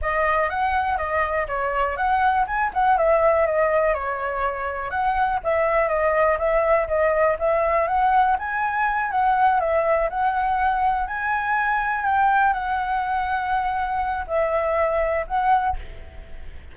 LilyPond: \new Staff \with { instrumentName = "flute" } { \time 4/4 \tempo 4 = 122 dis''4 fis''4 dis''4 cis''4 | fis''4 gis''8 fis''8 e''4 dis''4 | cis''2 fis''4 e''4 | dis''4 e''4 dis''4 e''4 |
fis''4 gis''4. fis''4 e''8~ | e''8 fis''2 gis''4.~ | gis''8 g''4 fis''2~ fis''8~ | fis''4 e''2 fis''4 | }